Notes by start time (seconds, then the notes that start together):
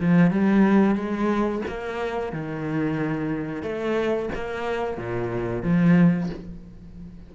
0.00 F3
0.31 G3
0.95 G#3
1.68 A#3
2.32 D#3
3.62 A3
4.35 A#3
4.97 A#2
5.63 F3